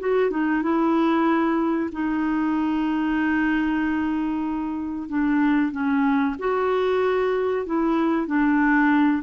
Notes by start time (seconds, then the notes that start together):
0.00 F#4
0.31 D#4
0.63 E4
1.93 D#4
5.09 D4
5.72 C#4
6.39 F#4
7.66 E4
8.27 D4